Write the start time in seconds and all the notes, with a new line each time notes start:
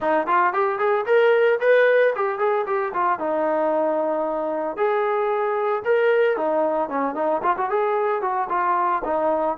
0.00 D#4
0.27 F4
0.53 G4
0.78 G#4
1.06 A#4
1.60 B4
2.15 G4
2.38 G#4
2.66 G4
2.93 F4
3.19 D#4
4.76 G#4
5.85 A#4
6.36 D#4
6.89 C#4
7.14 D#4
7.43 F4
7.57 F#4
7.69 G#4
8.21 F#4
8.49 F4
9.04 D#4